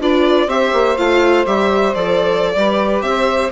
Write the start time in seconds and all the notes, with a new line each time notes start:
0.00 D4 F4 B4 D5
0.47 C4 G4 C5 E5
0.73 A#3
0.97 A3 F4 F5
1.46 G3 G4 E5
1.94 F3 A4 D5
2.56 G3 G4 B4
3.01 C4 E5
3.07 C5